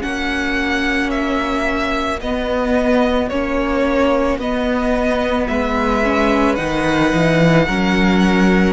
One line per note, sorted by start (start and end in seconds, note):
0.00 2.22 A#3
0.00 2.18 C#4
0.00 5.47 F#4
0.00 1.10 F#5
1.10 2.20 E5
2.21 3.31 B3
2.21 3.32 B3
2.21 3.29 D#5
3.29 4.38 A#3
3.29 4.41 C#4
3.29 4.38 C#5
4.38 5.47 B3
4.38 6.04 B3
4.38 5.47 D#5
5.47 6.58 G#3
5.47 7.65 B4
5.47 6.56 E5
6.04 6.57 C#4
6.56 7.13 D#3
6.56 7.66 D#4
6.56 8.73 F#5
7.13 7.68 E3
7.67 8.73 F#3
7.67 8.73 C#4
7.67 8.73 A#4